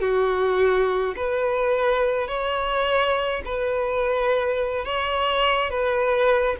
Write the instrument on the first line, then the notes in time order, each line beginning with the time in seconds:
violin
0.00 F#4
1.16 B4
2.28 C#5
3.45 B4
4.85 C#5
5.70 B4